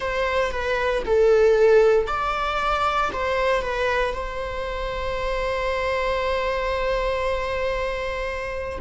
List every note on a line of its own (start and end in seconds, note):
0.00 0.51 C5
0.51 1.03 B4
1.05 2.07 A4
2.07 3.10 D5
3.12 3.62 C5
3.62 4.13 B4
4.13 8.79 C5